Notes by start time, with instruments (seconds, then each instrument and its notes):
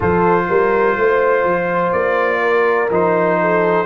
0.00 tuba F3, trombone F4, horn A4, trumpet C5
0.49 tuba G3, horn A#4
0.96 tuba A3, horn C5
1.44 tuba F3
1.92 tuba A#3, trumpet D5
2.41 horn A#4
2.90 tuba F3, trombone D#4, trumpet C5
3.41 horn A4